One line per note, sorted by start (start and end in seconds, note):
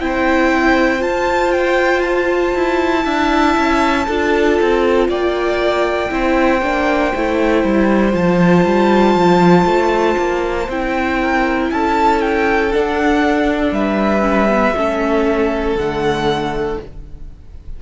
0.00 1.01 C4
0.00 0.99 E4
0.00 3.04 C5
0.00 1.02 G5
0.99 3.03 F4
0.99 2.54 F4
0.99 1.52 A5
1.52 2.02 G5
2.02 5.07 A5
2.54 3.05 E4
3.03 3.56 D4
3.03 4.05 E4
3.03 4.06 E5
3.57 4.08 C#4
4.07 4.59 D4
4.07 6.10 F4
4.07 5.08 A4
4.61 5.08 C4
5.08 6.10 A#3
5.08 6.10 D5
5.08 8.15 G5
6.10 6.61 C4
6.10 6.61 E4
6.10 11.21 C5
6.61 7.12 A#3
6.61 7.13 D4
7.15 7.64 A3
7.15 8.12 E4
7.64 8.14 G3
8.12 8.65 F3
8.12 10.66 F4
8.12 10.69 A5
8.65 9.15 G3
9.15 9.65 F3
9.65 10.16 A3
10.18 10.68 A#3
10.68 11.70 C4
10.68 12.72 E4
10.68 11.71 G5
11.21 11.71 A#4
11.71 12.73 C#4
11.71 13.74 A4
11.71 12.21 A5
12.21 12.72 G5
12.72 14.22 D4
12.72 13.72 D4
12.72 13.73 F#5
13.72 14.74 G3
13.72 14.76 B4
13.72 15.76 E5
14.22 14.47 C#4
14.49 14.74 B3
14.76 15.75 A3
14.76 15.78 C#4
14.76 16.80 A4
15.75 16.77 D3
15.75 16.82 A3
15.75 16.77 F#5